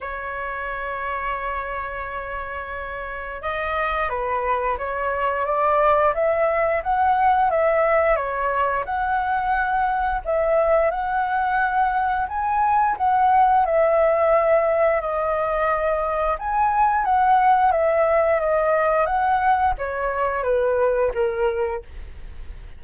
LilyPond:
\new Staff \with { instrumentName = "flute" } { \time 4/4 \tempo 4 = 88 cis''1~ | cis''4 dis''4 b'4 cis''4 | d''4 e''4 fis''4 e''4 | cis''4 fis''2 e''4 |
fis''2 gis''4 fis''4 | e''2 dis''2 | gis''4 fis''4 e''4 dis''4 | fis''4 cis''4 b'4 ais'4 | }